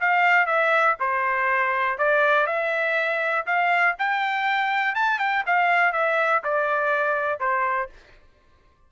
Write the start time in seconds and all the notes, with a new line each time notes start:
0.00 F5
0.46 E5
1.00 C5
1.98 D5
2.46 E5
3.46 F5
3.98 G5
4.95 A5
5.19 G5
5.46 F5
5.93 E5
6.43 D5
7.40 C5